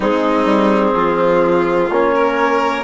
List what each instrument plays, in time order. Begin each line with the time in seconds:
0.00 bassoon G#3, trombone C4, violin D#4, clarinet G#4
0.44 bassoon G3
0.94 bassoon F3, violin F4
1.90 bassoon A#3, trombone C#4, clarinet C#5
2.14 violin A#4